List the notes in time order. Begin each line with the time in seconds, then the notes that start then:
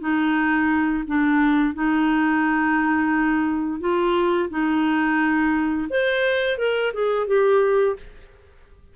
0.00 D#4
1.07 D4
1.74 D#4
3.80 F4
4.50 D#4
5.90 C5
6.58 A#4
6.93 G#4
7.27 G4